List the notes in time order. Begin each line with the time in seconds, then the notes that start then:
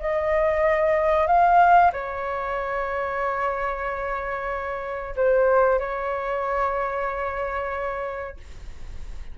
0.00 D#5
1.27 F5
1.93 C#5
5.16 C5
5.79 C#5